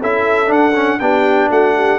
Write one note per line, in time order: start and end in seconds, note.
0.00 0.51 C#4
0.00 0.47 E4
0.00 0.99 A4
0.00 0.52 E5
0.47 0.72 D4
0.47 1.00 D4
0.47 1.00 F#5
0.75 1.00 C#4
1.00 1.50 B3
1.00 1.99 D4
1.00 1.51 G4
1.00 1.49 G5
1.50 1.99 A3
1.50 1.75 F#4
1.50 1.99 F#5
1.75 1.99 G4